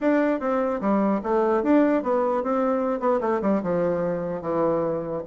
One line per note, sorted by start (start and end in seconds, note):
0.00 0.40 D4
0.40 0.80 C4
0.80 1.21 G3
1.23 1.63 A3
1.63 2.02 D4
2.02 2.43 B3
2.43 3.00 C4
3.00 3.20 B3
3.20 3.41 A3
3.41 3.61 G3
3.62 4.41 F3
4.41 5.22 E3